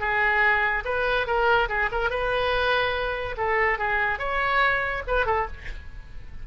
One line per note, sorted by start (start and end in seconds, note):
0.00 0.84 G#4
0.85 1.27 B4
1.27 1.69 A#4
1.69 1.90 G#4
1.92 2.10 A#4
2.10 3.36 B4
3.37 3.78 A4
3.78 4.19 G#4
4.19 5.03 C#5
5.08 5.26 B4
5.26 5.47 A4